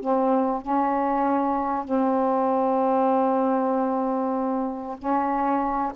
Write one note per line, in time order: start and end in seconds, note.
0.00 0.62 C4
0.62 1.84 C#4
1.84 4.97 C4
4.98 5.92 C#4